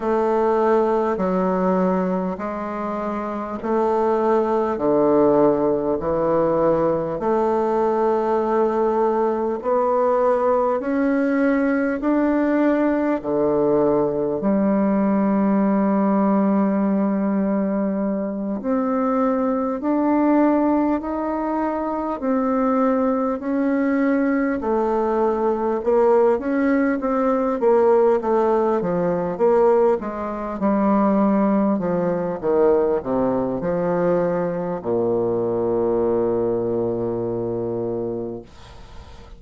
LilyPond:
\new Staff \with { instrumentName = "bassoon" } { \time 4/4 \tempo 4 = 50 a4 fis4 gis4 a4 | d4 e4 a2 | b4 cis'4 d'4 d4 | g2.~ g8 c'8~ |
c'8 d'4 dis'4 c'4 cis'8~ | cis'8 a4 ais8 cis'8 c'8 ais8 a8 | f8 ais8 gis8 g4 f8 dis8 c8 | f4 ais,2. | }